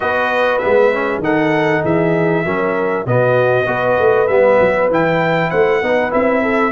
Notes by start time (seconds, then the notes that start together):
0.00 B3 F#4 B4 D#5
0.58 B3 E5
0.65 G#3
0.92 C#4
1.18 D#3 D#4 A4 F#5
1.82 E3 G#4 E5
2.44 F#3 C#4 A#4
3.05 B2 B3 F#4 D#5
3.66 B3 F#4 B4
3.98 A3
4.27 G3 B3 E5
4.60 F#3
4.89 E3 E4 G5
5.50 A3 C5 F#5
5.82 B3 D#4 B4
6.10 C4 E4 E5
6.42 A4